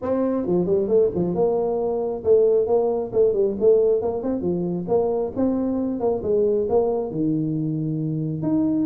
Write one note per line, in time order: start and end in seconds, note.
0.02 0.46 C4
0.46 0.65 F3
0.65 0.88 G3
0.88 1.10 A3
1.15 1.34 F3
1.34 2.23 A#3
2.24 2.66 A3
2.66 3.11 A#3
3.12 3.33 A3
3.33 3.55 G3
3.60 4.01 A3
4.01 4.22 A#3
4.22 4.41 C4
4.41 4.86 F3
4.88 5.32 A#3
5.36 5.99 C4
5.99 6.22 A#3
6.23 6.67 G#3
6.69 7.10 A#3
7.10 8.42 D#3
8.42 8.86 D#4